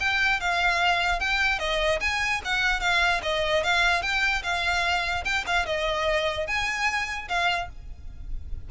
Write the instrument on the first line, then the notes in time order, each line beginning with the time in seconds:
violin
0.00 G5
0.41 F5
1.20 G5
1.59 D#5
2.01 G#5
2.45 F#5
2.80 F5
3.23 D#5
3.64 F5
4.02 G5
4.44 F5
5.25 G5
5.47 F5
5.66 D#5
6.47 G#5
7.29 F5